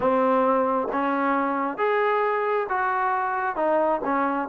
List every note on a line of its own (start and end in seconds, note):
0.00 0.87 C4
0.92 1.77 C#4
1.77 2.67 G#4
2.69 3.56 F#4
3.56 4.01 D#4
4.04 4.48 C#4